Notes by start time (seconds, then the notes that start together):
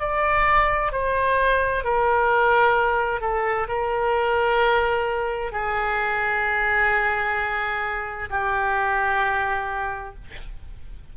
0.00 D5
0.92 C5
1.84 A#4
3.21 A4
3.68 A#4
5.53 G#4
8.30 G4